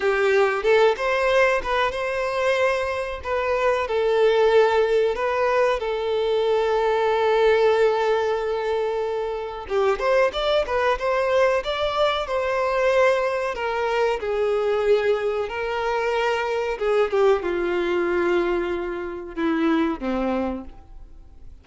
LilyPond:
\new Staff \with { instrumentName = "violin" } { \time 4/4 \tempo 4 = 93 g'4 a'8 c''4 b'8 c''4~ | c''4 b'4 a'2 | b'4 a'2.~ | a'2. g'8 c''8 |
d''8 b'8 c''4 d''4 c''4~ | c''4 ais'4 gis'2 | ais'2 gis'8 g'8 f'4~ | f'2 e'4 c'4 | }